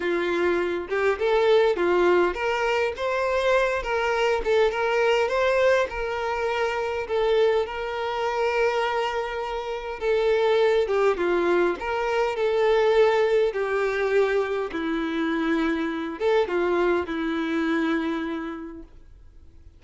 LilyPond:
\new Staff \with { instrumentName = "violin" } { \time 4/4 \tempo 4 = 102 f'4. g'8 a'4 f'4 | ais'4 c''4. ais'4 a'8 | ais'4 c''4 ais'2 | a'4 ais'2.~ |
ais'4 a'4. g'8 f'4 | ais'4 a'2 g'4~ | g'4 e'2~ e'8 a'8 | f'4 e'2. | }